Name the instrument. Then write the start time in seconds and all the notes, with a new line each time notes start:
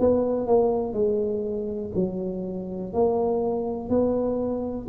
tuba
0.00 B3
0.47 A#3
0.93 G#3
1.95 F#3
2.94 A#3
3.90 B3